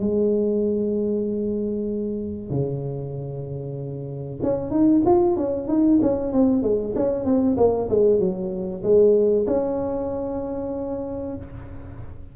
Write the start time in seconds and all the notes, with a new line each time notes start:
0.00 G#3
2.51 C#3
4.43 C#4
4.71 D#4
5.06 F4
5.37 C#4
5.68 D#4
6.02 C#4
6.33 C4
6.63 G#3
6.96 C#4
7.25 C4
7.57 A#3
7.90 G#3
8.20 F#3
8.83 G#3
9.47 C#4